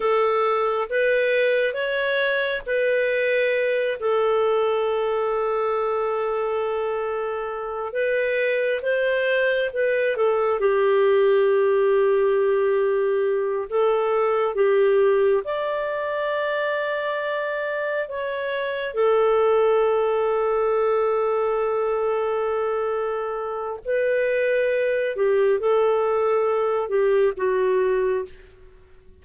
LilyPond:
\new Staff \with { instrumentName = "clarinet" } { \time 4/4 \tempo 4 = 68 a'4 b'4 cis''4 b'4~ | b'8 a'2.~ a'8~ | a'4 b'4 c''4 b'8 a'8 | g'2.~ g'8 a'8~ |
a'8 g'4 d''2~ d''8~ | d''8 cis''4 a'2~ a'8~ | a'2. b'4~ | b'8 g'8 a'4. g'8 fis'4 | }